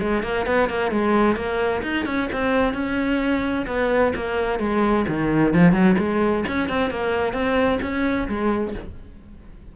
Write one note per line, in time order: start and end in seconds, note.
0.00 0.23 G#3
0.23 0.46 A#3
0.46 0.69 B3
0.69 0.91 A#3
0.91 1.36 G#3
1.36 1.82 A#3
1.83 2.06 D#4
2.06 2.29 C#4
2.32 2.74 C4
2.74 3.66 C#4
3.67 4.13 B3
4.15 4.59 A#3
4.59 5.05 G#3
5.08 5.53 D#3
5.53 5.73 F3
5.73 5.96 F#3
5.98 6.44 G#3
6.48 6.69 C#4
6.69 6.90 C4
6.90 7.33 A#3
7.33 7.79 C4
7.81 8.28 C#4
8.28 8.74 G#3